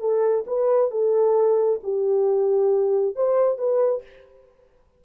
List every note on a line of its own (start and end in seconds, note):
0.00 0.45 A4
0.46 0.90 B4
0.90 1.80 A4
1.83 3.15 G4
3.15 3.58 C5
3.58 4.03 B4